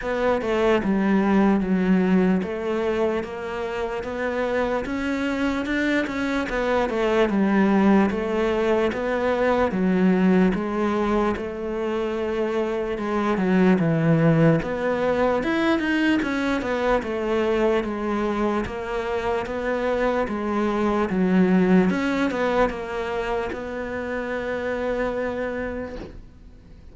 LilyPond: \new Staff \with { instrumentName = "cello" } { \time 4/4 \tempo 4 = 74 b8 a8 g4 fis4 a4 | ais4 b4 cis'4 d'8 cis'8 | b8 a8 g4 a4 b4 | fis4 gis4 a2 |
gis8 fis8 e4 b4 e'8 dis'8 | cis'8 b8 a4 gis4 ais4 | b4 gis4 fis4 cis'8 b8 | ais4 b2. | }